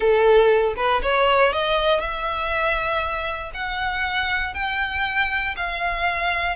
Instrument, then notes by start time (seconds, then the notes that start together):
violin
0.00 A4
0.76 B4
1.02 C#5
1.52 D#5
2.00 E5
3.54 F#5
4.54 G5
5.56 F5